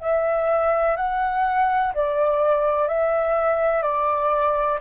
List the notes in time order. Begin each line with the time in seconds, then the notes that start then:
0.00 E5
0.96 F#5
1.94 D5
2.88 E5
3.82 D5